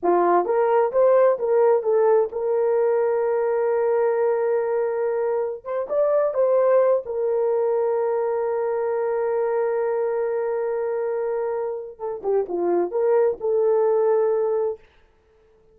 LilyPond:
\new Staff \with { instrumentName = "horn" } { \time 4/4 \tempo 4 = 130 f'4 ais'4 c''4 ais'4 | a'4 ais'2.~ | ais'1~ | ais'16 c''8 d''4 c''4. ais'8.~ |
ais'1~ | ais'1~ | ais'2 a'8 g'8 f'4 | ais'4 a'2. | }